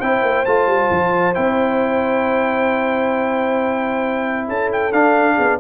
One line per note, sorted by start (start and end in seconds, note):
0.00 0.23 C4
0.00 0.46 E4
0.00 4.48 C5
0.00 0.45 G5
0.23 0.45 A#3
0.45 0.67 A3
0.45 1.34 F4
0.45 1.35 A5
0.67 0.89 G3
0.91 1.35 F3
1.34 4.48 C4
1.34 4.92 E4
1.34 4.48 G5
4.48 4.93 C#4
4.48 5.35 A4
4.48 4.72 A5
4.73 4.93 G5
4.93 5.38 D4
4.93 5.61 D4
4.93 5.60 F5
5.35 5.61 B3
5.35 5.58 G#4